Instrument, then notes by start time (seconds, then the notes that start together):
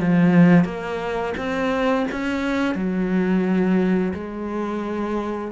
cello
0.00 F3
0.65 A#3
1.37 C4
2.11 C#4
2.75 F#3
4.13 G#3